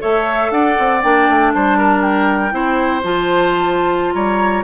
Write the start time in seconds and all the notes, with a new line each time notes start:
0.00 A3 A4 C#5 E5
0.51 D4 D5 F#5
0.79 C4
1.02 A#3 D4 G5
1.29 A3
1.54 G3 C5 A5
1.78 A#4
2.01 G5
2.51 C4 E4 C5
3.03 F3 F4 A5
4.13 G3 C#5 A#5